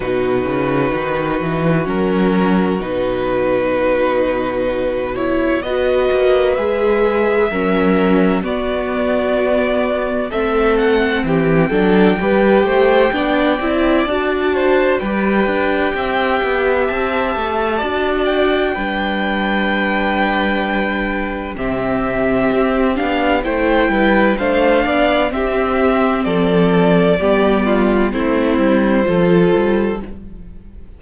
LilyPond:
<<
  \new Staff \with { instrumentName = "violin" } { \time 4/4 \tempo 4 = 64 b'2 ais'4 b'4~ | b'4. cis''8 dis''4 e''4~ | e''4 d''2 e''8 fis''8 | g''2. a''4 |
g''2 a''4. g''8~ | g''2. e''4~ | e''8 f''8 g''4 f''4 e''4 | d''2 c''2 | }
  \new Staff \with { instrumentName = "violin" } { \time 4/4 fis'1~ | fis'2 b'2 | ais'4 fis'2 a'4 | g'8 a'8 b'8 c''8 d''4. c''8 |
b'4 e''2 d''4 | b'2. g'4~ | g'4 c''8 b'8 c''8 d''8 g'4 | a'4 g'8 f'8 e'4 a'4 | }
  \new Staff \with { instrumentName = "viola" } { \time 4/4 dis'2 cis'4 dis'4~ | dis'4. e'8 fis'4 gis'4 | cis'4 b2 c'4~ | c'8 d'8 g'4 d'8 e'8 fis'4 |
g'2. fis'4 | d'2. c'4~ | c'8 d'8 e'4 d'4 c'4~ | c'4 b4 c'4 f'4 | }
  \new Staff \with { instrumentName = "cello" } { \time 4/4 b,8 cis8 dis8 e8 fis4 b,4~ | b,2 b8 ais8 gis4 | fis4 b2 a4 | e8 fis8 g8 a8 b8 c'8 d'4 |
g8 d'8 c'8 b8 c'8 a8 d'4 | g2. c4 | c'8 b8 a8 g8 a8 b8 c'4 | f4 g4 a8 g8 f8 g8 | }
>>